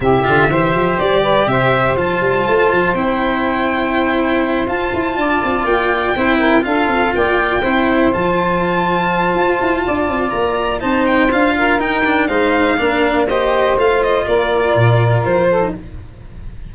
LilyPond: <<
  \new Staff \with { instrumentName = "violin" } { \time 4/4 \tempo 4 = 122 e''2 d''4 e''4 | a''2 g''2~ | g''4. a''2 g''8~ | g''4. f''4 g''4.~ |
g''8 a''2.~ a''8~ | a''4 ais''4 a''8 g''8 f''4 | g''4 f''2 dis''4 | f''8 dis''8 d''2 c''4 | }
  \new Staff \with { instrumentName = "saxophone" } { \time 4/4 g'4 c''4. b'8 c''4~ | c''1~ | c''2~ c''8 d''4.~ | d''8 c''8 ais'8 a'4 d''4 c''8~ |
c''1 | d''2 c''4. ais'8~ | ais'4 c''4 ais'4 c''4~ | c''4 ais'2~ ais'8 a'8 | }
  \new Staff \with { instrumentName = "cello" } { \time 4/4 e'8 f'8 g'2. | f'2 e'2~ | e'4. f'2~ f'8~ | f'8 e'4 f'2 e'8~ |
e'8 f'2.~ f'8~ | f'2 dis'4 f'4 | dis'8 d'8 dis'4 d'4 g'4 | f'2.~ f'8. dis'16 | }
  \new Staff \with { instrumentName = "tuba" } { \time 4/4 c8 d8 e8 f8 g4 c4 | f8 g8 a8 f8 c'2~ | c'4. f'8 e'8 d'8 c'8 ais8~ | ais8 c'4 d'8 c'8 ais4 c'8~ |
c'8 f2~ f8 f'8 e'8 | d'8 c'8 ais4 c'4 d'4 | dis'4 gis4 ais2 | a4 ais4 ais,4 f4 | }
>>